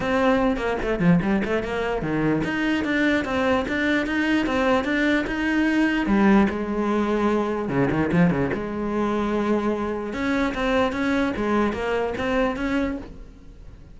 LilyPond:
\new Staff \with { instrumentName = "cello" } { \time 4/4 \tempo 4 = 148 c'4. ais8 a8 f8 g8 a8 | ais4 dis4 dis'4 d'4 | c'4 d'4 dis'4 c'4 | d'4 dis'2 g4 |
gis2. cis8 dis8 | f8 cis8 gis2.~ | gis4 cis'4 c'4 cis'4 | gis4 ais4 c'4 cis'4 | }